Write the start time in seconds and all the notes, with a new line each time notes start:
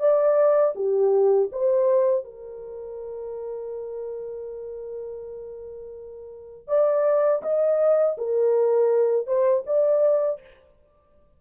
0.00 D5
0.75 G4
1.52 C5
2.25 A#4
6.68 D5
7.43 D#5
8.18 A#4
9.27 C5
9.67 D5